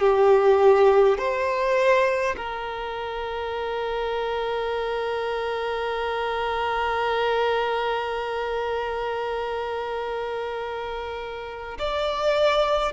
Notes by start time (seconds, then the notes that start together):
0.00 G4
1.18 C5
2.37 A#4
11.79 D5